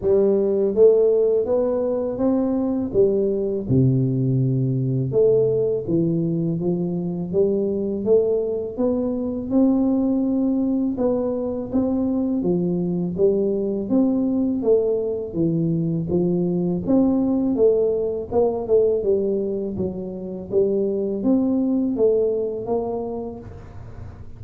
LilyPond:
\new Staff \with { instrumentName = "tuba" } { \time 4/4 \tempo 4 = 82 g4 a4 b4 c'4 | g4 c2 a4 | e4 f4 g4 a4 | b4 c'2 b4 |
c'4 f4 g4 c'4 | a4 e4 f4 c'4 | a4 ais8 a8 g4 fis4 | g4 c'4 a4 ais4 | }